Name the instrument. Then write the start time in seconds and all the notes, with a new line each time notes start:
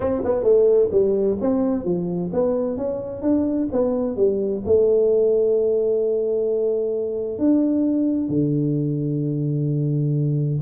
tuba
0.00 C4
0.24 B3
0.43 A3
0.91 G3
1.41 C4
1.84 F3
2.32 B3
2.77 C#4
3.22 D4
3.72 B3
4.16 G3
4.65 A3
7.38 D4
8.28 D3